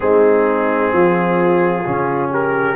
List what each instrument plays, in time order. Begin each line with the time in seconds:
0.00 tuba G#3, trombone C4, horn D#4, trumpet G#4
0.92 tuba F3, horn F4
1.84 tuba C#3, trombone C#4
2.30 horn G4, trumpet A#4